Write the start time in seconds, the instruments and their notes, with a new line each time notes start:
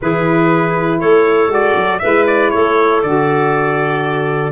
0.01 tuba E3, saxophone E4, clarinet G#4, trumpet B4
0.98 tuba A3, clarinet A4, trumpet C#5
1.48 tuba G#3, saxophone F#4, trumpet D5
1.75 tuba F#3
1.99 tuba G#3, saxophone E4, clarinet B4, trumpet E5
2.27 trumpet D5
2.50 tuba A3, clarinet A4, trumpet C#5
3.02 tuba D3, saxophone F#4, trumpet D5